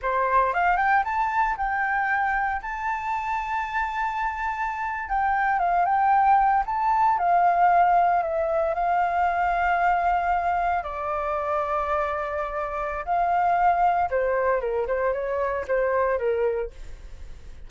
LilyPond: \new Staff \with { instrumentName = "flute" } { \time 4/4 \tempo 4 = 115 c''4 f''8 g''8 a''4 g''4~ | g''4 a''2.~ | a''4.~ a''16 g''4 f''8 g''8.~ | g''8. a''4 f''2 e''16~ |
e''8. f''2.~ f''16~ | f''8. d''2.~ d''16~ | d''4 f''2 c''4 | ais'8 c''8 cis''4 c''4 ais'4 | }